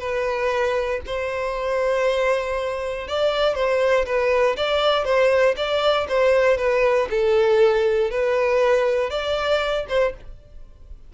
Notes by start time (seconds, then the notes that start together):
0.00 B4
1.07 C5
3.08 D5
3.55 C5
4.06 B4
4.57 D5
5.05 C5
5.57 D5
6.09 C5
6.58 B4
7.10 A4
8.11 B4
9.11 D5
9.89 C5